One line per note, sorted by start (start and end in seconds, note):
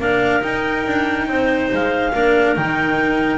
0.00 0.43 A#3
0.00 0.41 D4
0.00 1.28 A#4
0.00 0.43 F5
0.41 2.11 D#4
0.41 0.86 D#4
0.41 1.71 G5
0.86 1.28 D4
1.28 1.70 C4
1.28 2.13 C5
1.72 2.15 G#3
1.72 2.57 F5
2.13 2.58 A#3
2.13 2.56 D4
2.13 3.39 A#4
2.56 3.39 D#3
2.56 3.39 D#4
2.56 3.39 G5